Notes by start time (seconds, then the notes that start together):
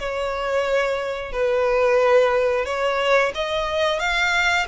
0.00 C#5
1.32 B4
2.66 C#5
3.35 D#5
4.00 F5